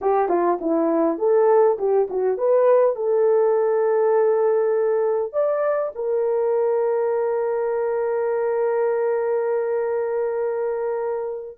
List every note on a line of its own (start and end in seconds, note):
0.01 0.28 G4
0.28 0.58 F4
0.60 1.18 E4
1.18 1.77 A4
1.78 2.08 G4
2.10 2.37 F#4
2.37 2.95 B4
2.95 5.32 A4
5.32 5.92 D5
5.95 11.58 A#4